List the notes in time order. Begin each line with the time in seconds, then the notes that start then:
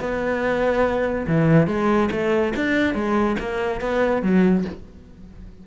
0.00 B3
1.28 E3
1.67 G#3
2.11 A3
2.56 D4
2.95 G#3
3.40 A#3
3.81 B3
4.23 F#3